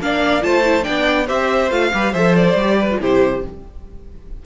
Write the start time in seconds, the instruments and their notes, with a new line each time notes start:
0.00 cello A#3, viola D4, violin D5 F5
0.42 cello A3, viola F4, violin C5 A5
0.64 viola E4
0.83 cello B3, viola D4, violin D5 G5
1.27 cello C4, viola G4, violin C5 E5
1.71 cello A3, viola F4, violin F5
1.94 cello G3, viola G4, violin B4
2.12 cello F3, viola A4, violin C5 E5
2.36 violin D5
2.54 cello G3, viola G4
2.80 violin B4
2.91 viola F4
3.00 cello C3, viola E4, violin G4 C5